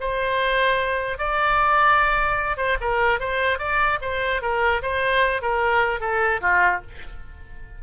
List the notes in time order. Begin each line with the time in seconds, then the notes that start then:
0.00 C5
1.18 D5
2.57 C5
2.80 A#4
3.19 C5
3.59 D5
4.01 C5
4.41 A#4
4.82 C5
5.42 A#4
6.00 A4
6.41 F4